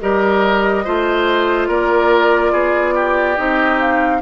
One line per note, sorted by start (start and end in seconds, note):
0.00 0.86 G3
0.00 0.84 G4
0.00 0.84 A#4
0.00 1.70 D#5
0.84 1.68 A3
0.84 3.36 F4
0.84 1.67 C5
1.67 2.52 A#3
1.67 2.51 A#4
1.67 3.36 D5
2.51 3.37 B3
2.51 2.94 G#4
2.94 4.21 G4
3.36 4.21 C4
3.36 4.20 D#4
3.36 3.78 D#5
3.79 4.21 F5